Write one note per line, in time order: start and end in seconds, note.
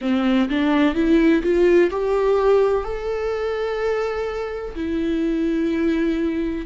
0.01 0.48 C4
0.48 0.94 D4
0.94 1.42 E4
1.42 1.90 F4
1.90 2.84 G4
2.84 4.74 A4
4.75 6.65 E4